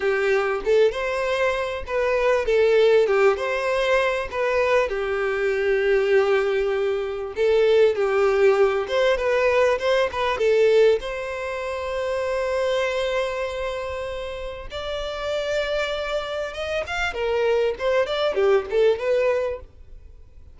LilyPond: \new Staff \with { instrumentName = "violin" } { \time 4/4 \tempo 4 = 98 g'4 a'8 c''4. b'4 | a'4 g'8 c''4. b'4 | g'1 | a'4 g'4. c''8 b'4 |
c''8 b'8 a'4 c''2~ | c''1 | d''2. dis''8 f''8 | ais'4 c''8 d''8 g'8 a'8 b'4 | }